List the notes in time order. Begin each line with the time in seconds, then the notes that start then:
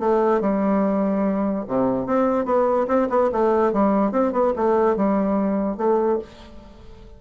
0.00 A3
0.41 G3
1.68 C3
2.07 C4
2.46 B3
2.88 C4
3.10 B3
3.33 A3
3.73 G3
4.12 C4
4.33 B3
4.56 A3
4.97 G3
5.78 A3